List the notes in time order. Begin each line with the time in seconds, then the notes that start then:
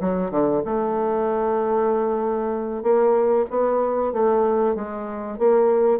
0.00 F#3
0.30 D3
0.65 A3
2.82 A#3
3.50 B3
4.13 A3
4.75 G#3
5.38 A#3